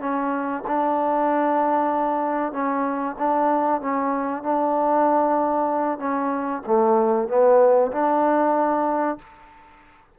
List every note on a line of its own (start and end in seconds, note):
0.00 0.63 C#4
0.67 2.53 D4
2.53 3.16 C#4
3.19 3.81 D4
3.81 4.43 C#4
4.43 5.99 D4
5.99 6.62 C#4
6.67 7.28 A3
7.28 7.91 B3
7.92 9.18 D4